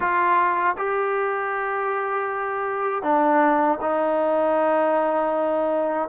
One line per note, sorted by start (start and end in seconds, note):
0.00 0.76 F4
0.77 3.02 G4
3.02 3.78 D4
3.81 6.09 D#4